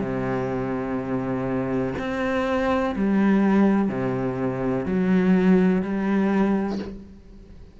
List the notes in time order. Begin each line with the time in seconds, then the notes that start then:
0.00 C3
1.98 C4
2.96 G3
3.89 C3
4.86 F#3
5.82 G3